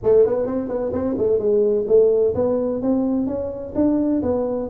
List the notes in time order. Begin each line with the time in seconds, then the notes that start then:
0.03 A3
0.26 B3
0.46 C4
0.68 B3
0.93 C4
1.18 A3
1.38 G#3
1.87 A3
2.35 B3
2.81 C4
3.26 C#4
3.75 D4
4.22 B3